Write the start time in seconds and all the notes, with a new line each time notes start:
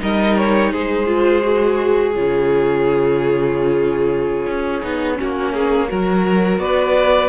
0.00 G3 D#4 A#4 D#5
0.37 C#5
0.72 G#3 G#4 C5
1.07 F4
1.43 F#4
2.15 C#3 F4 C#5
4.47 C#4
4.82 B3 D#4
5.16 C#4 F#4
5.22 A#3
5.54 G#4
5.89 F#3 F#4 A#4
6.58 B3 B4 D5